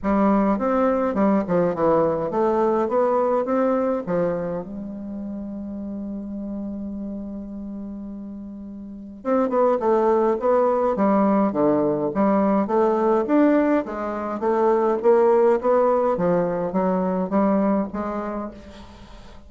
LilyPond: \new Staff \with { instrumentName = "bassoon" } { \time 4/4 \tempo 4 = 104 g4 c'4 g8 f8 e4 | a4 b4 c'4 f4 | g1~ | g1 |
c'8 b8 a4 b4 g4 | d4 g4 a4 d'4 | gis4 a4 ais4 b4 | f4 fis4 g4 gis4 | }